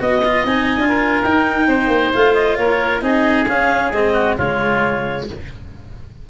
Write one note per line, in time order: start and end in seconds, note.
0.00 0.45 B3
0.00 0.22 F#4
0.00 0.45 D#5
0.00 0.89 D#5
0.25 0.47 F4
0.45 0.78 C4
0.45 0.80 D#4
0.45 1.23 G#5
0.78 1.23 D4
0.78 1.25 F4
0.89 1.67 A#4
1.23 1.68 D#4
1.23 2.13 D#4
1.23 2.12 G5
1.68 1.87 C4
1.68 2.58 C5
1.87 2.10 A#3
2.13 2.57 A3
2.13 3.02 F4
2.13 2.34 F5
2.34 2.56 D#5
2.56 3.02 A#3
2.56 3.03 A#4
2.56 3.01 C#5
3.02 3.47 C4
3.02 3.46 D#4
3.02 4.13 G#4
3.02 3.46 D#5
3.47 3.92 C#4
3.47 3.93 C#4
3.47 3.92 F5
3.92 4.37 G#3
3.92 4.39 C4
3.92 4.37 D#5
4.13 4.36 F#4
4.38 5.28 C#3
4.38 5.30 G#3
4.38 5.27 F4
4.38 5.27 C#5